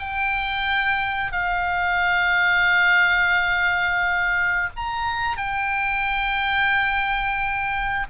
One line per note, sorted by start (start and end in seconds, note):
0.00 1.32 G5
1.32 4.69 F5
4.77 5.37 A#5
5.37 8.07 G5